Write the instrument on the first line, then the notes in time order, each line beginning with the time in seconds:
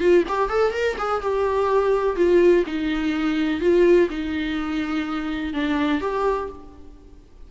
viola
0.00 F4
0.28 G4
0.50 A4
0.73 A#4
0.99 G#4
1.22 G4
2.17 F4
2.67 D#4
3.61 F4
4.10 D#4
5.54 D4
6.01 G4